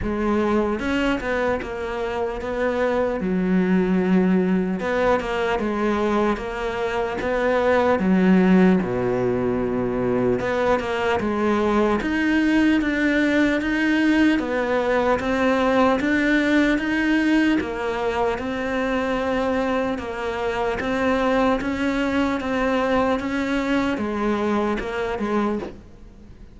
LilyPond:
\new Staff \with { instrumentName = "cello" } { \time 4/4 \tempo 4 = 75 gis4 cis'8 b8 ais4 b4 | fis2 b8 ais8 gis4 | ais4 b4 fis4 b,4~ | b,4 b8 ais8 gis4 dis'4 |
d'4 dis'4 b4 c'4 | d'4 dis'4 ais4 c'4~ | c'4 ais4 c'4 cis'4 | c'4 cis'4 gis4 ais8 gis8 | }